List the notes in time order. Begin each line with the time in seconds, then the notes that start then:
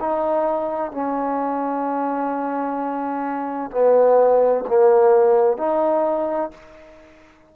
0.00 D#4
0.92 C#4
3.71 B3
4.68 A#3
5.58 D#4